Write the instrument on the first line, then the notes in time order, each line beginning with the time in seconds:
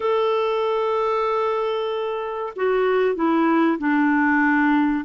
clarinet
0.00 A4
2.56 F#4
3.15 E4
3.78 D4